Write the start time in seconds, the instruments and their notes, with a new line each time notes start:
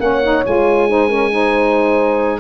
0.00 tuba A#3, saxophone C#4, horn C#5, oboe F#5
0.23 saxophone D#4
0.46 tuba G#3, saxophone F4, oboe G#5
0.88 saxophone D#4, horn C5
1.09 saxophone C#4, horn A#4
1.31 saxophone D#4, horn C5